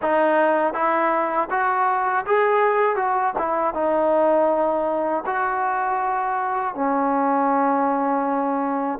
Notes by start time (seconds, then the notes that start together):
0.02 D#4
0.73 E4
1.50 F#4
2.26 G#4
2.96 F#4
3.38 E4
3.74 D#4
5.26 F#4
6.74 C#4